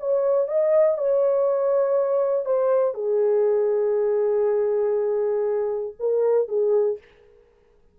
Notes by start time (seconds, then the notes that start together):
0.00 C#5
0.48 D#5
0.98 C#5
2.46 C5
2.95 G#4
6.00 A#4
6.48 G#4